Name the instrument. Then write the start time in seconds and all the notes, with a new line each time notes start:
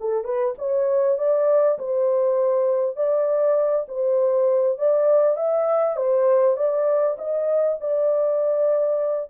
horn
0.00 A4
0.24 B4
0.58 C#5
1.18 D5
1.79 C5
2.96 D5
3.88 C5
4.78 D5
5.36 E5
5.97 C5
6.57 D5
7.18 D#5
7.81 D5